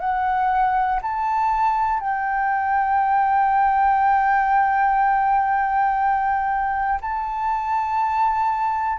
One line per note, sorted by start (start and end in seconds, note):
0.00 1.00 F#5
1.01 2.00 A5
2.00 7.00 G5
7.01 8.99 A5